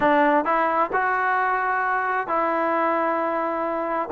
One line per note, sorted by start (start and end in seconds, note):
0.00 0.44 D4
0.44 0.90 E4
0.92 2.27 F#4
2.27 4.09 E4